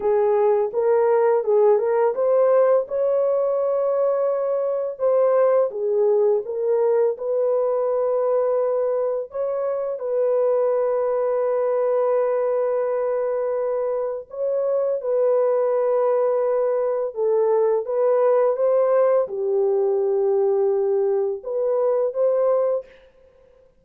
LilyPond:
\new Staff \with { instrumentName = "horn" } { \time 4/4 \tempo 4 = 84 gis'4 ais'4 gis'8 ais'8 c''4 | cis''2. c''4 | gis'4 ais'4 b'2~ | b'4 cis''4 b'2~ |
b'1 | cis''4 b'2. | a'4 b'4 c''4 g'4~ | g'2 b'4 c''4 | }